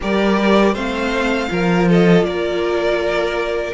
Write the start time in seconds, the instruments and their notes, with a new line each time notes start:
0.00 cello G3, viola G4, violin A#4 D5
0.73 cello A3, viola C4, violin C5 F5
1.48 cello F3, viola F4, violin A#4
1.88 violin A4 D#5
2.22 cello A#3, violin A#4 D5